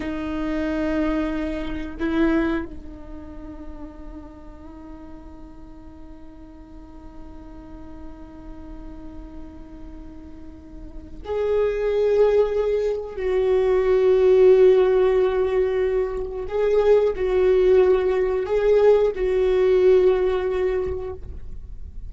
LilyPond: \new Staff \with { instrumentName = "viola" } { \time 4/4 \tempo 4 = 91 dis'2. e'4 | dis'1~ | dis'1~ | dis'1~ |
dis'4 gis'2. | fis'1~ | fis'4 gis'4 fis'2 | gis'4 fis'2. | }